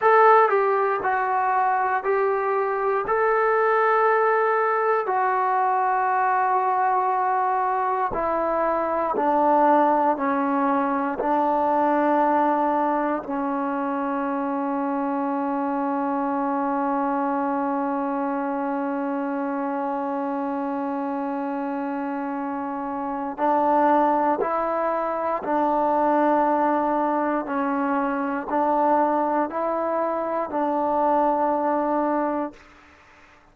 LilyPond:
\new Staff \with { instrumentName = "trombone" } { \time 4/4 \tempo 4 = 59 a'8 g'8 fis'4 g'4 a'4~ | a'4 fis'2. | e'4 d'4 cis'4 d'4~ | d'4 cis'2.~ |
cis'1~ | cis'2. d'4 | e'4 d'2 cis'4 | d'4 e'4 d'2 | }